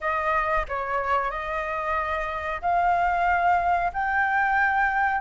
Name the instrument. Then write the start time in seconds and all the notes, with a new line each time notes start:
flute
0.01 D#5
0.68 C#5
1.30 D#5
2.61 F5
3.93 G5